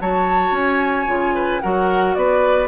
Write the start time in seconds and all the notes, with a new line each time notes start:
0.00 F#3 F#4 C#5 A5
0.52 C#4 G#5
1.08 C#3 F4
1.35 B4
1.61 F#3 F#4 A#4 F#5
2.15 B3 B4 D5